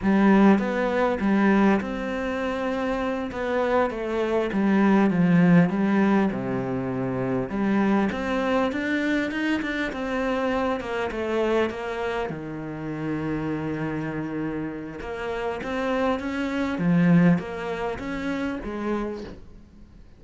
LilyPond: \new Staff \with { instrumentName = "cello" } { \time 4/4 \tempo 4 = 100 g4 b4 g4 c'4~ | c'4. b4 a4 g8~ | g8 f4 g4 c4.~ | c8 g4 c'4 d'4 dis'8 |
d'8 c'4. ais8 a4 ais8~ | ais8 dis2.~ dis8~ | dis4 ais4 c'4 cis'4 | f4 ais4 cis'4 gis4 | }